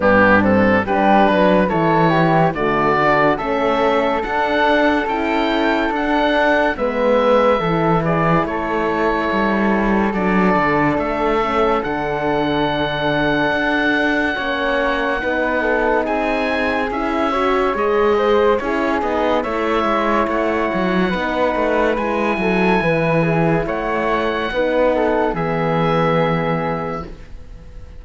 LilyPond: <<
  \new Staff \with { instrumentName = "oboe" } { \time 4/4 \tempo 4 = 71 g'8 a'8 b'4 cis''4 d''4 | e''4 fis''4 g''4 fis''4 | e''4. d''8 cis''2 | d''4 e''4 fis''2~ |
fis''2. gis''4 | e''4 dis''4 cis''8 dis''8 e''4 | fis''2 gis''2 | fis''2 e''2 | }
  \new Staff \with { instrumentName = "flute" } { \time 4/4 d'4 g'8 b'8 a'8 g'8 fis'4 | a'1 | b'4 a'8 gis'8 a'2~ | a'1~ |
a'4 cis''4 b'8 a'8 gis'4~ | gis'8 cis''4 c''8 gis'4 cis''4~ | cis''4 b'4. a'8 b'8 gis'8 | cis''4 b'8 a'8 gis'2 | }
  \new Staff \with { instrumentName = "horn" } { \time 4/4 b8 c'8 d'4 e'4 a8 d'8 | cis'4 d'4 e'4 d'4 | b4 e'2. | d'4. cis'8 d'2~ |
d'4 cis'4 dis'2 | e'8 fis'8 gis'4 e'8 dis'8 e'4~ | e'4 dis'4 e'2~ | e'4 dis'4 b2 | }
  \new Staff \with { instrumentName = "cello" } { \time 4/4 g,4 g8 fis8 e4 d4 | a4 d'4 cis'4 d'4 | gis4 e4 a4 g4 | fis8 d8 a4 d2 |
d'4 ais4 b4 c'4 | cis'4 gis4 cis'8 b8 a8 gis8 | a8 fis8 b8 a8 gis8 fis8 e4 | a4 b4 e2 | }
>>